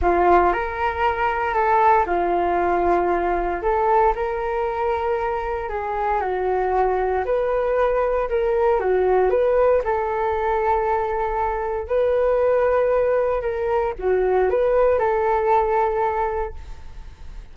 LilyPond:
\new Staff \with { instrumentName = "flute" } { \time 4/4 \tempo 4 = 116 f'4 ais'2 a'4 | f'2. a'4 | ais'2. gis'4 | fis'2 b'2 |
ais'4 fis'4 b'4 a'4~ | a'2. b'4~ | b'2 ais'4 fis'4 | b'4 a'2. | }